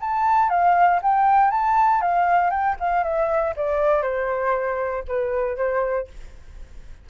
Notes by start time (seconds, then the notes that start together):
0.00 A5
0.49 F5
1.02 G5
1.50 A5
2.01 F5
2.50 G5
2.79 F5
3.03 E5
3.56 D5
4.02 C5
5.08 B4
5.56 C5